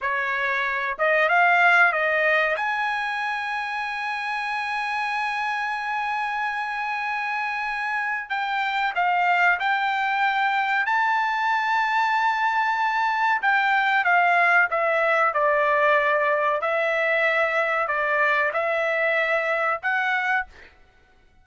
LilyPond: \new Staff \with { instrumentName = "trumpet" } { \time 4/4 \tempo 4 = 94 cis''4. dis''8 f''4 dis''4 | gis''1~ | gis''1~ | gis''4 g''4 f''4 g''4~ |
g''4 a''2.~ | a''4 g''4 f''4 e''4 | d''2 e''2 | d''4 e''2 fis''4 | }